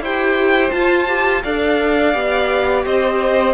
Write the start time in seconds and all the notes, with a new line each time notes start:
0.00 E4 G4 C5 G5
0.70 F4 A5
1.08 G4
1.43 D4 A4 D5 F5
2.12 B3 G4
2.84 C4 C5 D#5